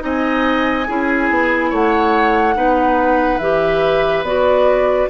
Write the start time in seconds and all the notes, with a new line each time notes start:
0.00 C4 D#4 D#5 G#5
0.88 C#4 E4 G#4
1.30 B3
1.70 A3 C#5 F#5
2.55 B3 D#4 B4
3.39 E3 G4 E5
4.23 B3 F#4 D5